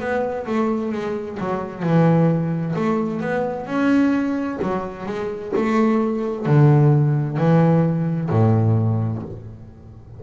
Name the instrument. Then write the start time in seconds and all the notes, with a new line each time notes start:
double bass
0.00 B3
0.47 A3
0.92 G#3
1.40 F#3
1.83 E3
2.76 A3
3.21 B3
3.66 C#4
4.62 F#3
5.06 G#3
5.56 A3
6.46 D3
7.37 E3
8.30 A2